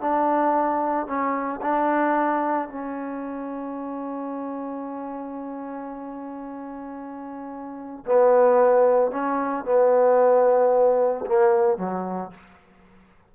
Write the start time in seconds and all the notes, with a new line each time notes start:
0.00 D4
1.07 C#4
1.61 D4
2.69 C#4
8.06 B3
9.11 C#4
9.64 B3
11.26 A#3
11.77 F#3